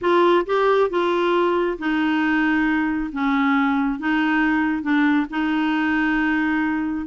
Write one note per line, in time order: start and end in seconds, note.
0.01 0.45 F4
0.46 0.89 G4
0.89 1.78 F4
1.78 3.10 D#4
3.12 3.99 C#4
3.99 4.82 D#4
4.82 5.26 D4
5.30 7.06 D#4